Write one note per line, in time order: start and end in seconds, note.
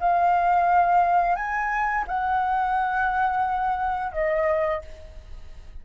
0.00 1.36 F5
1.36 2.05 G#5
2.08 4.13 F#5
4.13 4.82 D#5